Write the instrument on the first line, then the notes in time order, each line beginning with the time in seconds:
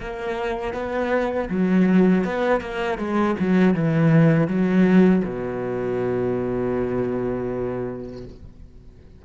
cello
0.00 A#3
0.73 B3
1.49 F#3
2.24 B3
2.60 A#3
2.98 G#3
3.39 F#3
3.74 E3
4.47 F#3
5.24 B2